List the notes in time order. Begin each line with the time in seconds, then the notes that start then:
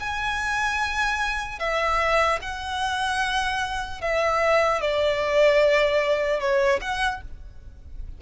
0.00 G#5
1.59 E5
2.42 F#5
4.01 E5
4.82 D5
6.40 C#5
6.81 F#5